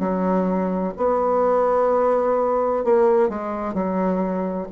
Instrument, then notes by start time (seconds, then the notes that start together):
bassoon
0.00 F#3
0.98 B3
2.85 A#3
3.30 G#3
3.74 F#3